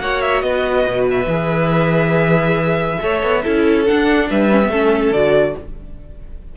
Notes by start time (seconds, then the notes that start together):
0.00 A#3 F#4 C#5 F#5
0.22 E5
0.42 B3 B4 D#5
0.87 B2
1.11 E5
1.26 E3 G#4
3.00 A3 A4 C#5
3.23 B3
3.44 C#4 E4 A4
3.86 D4 F#5
4.30 G3 B4 E5
4.51 C#4
4.64 A3 B3
4.71 C#4 A4
5.11 D3 F#4 D5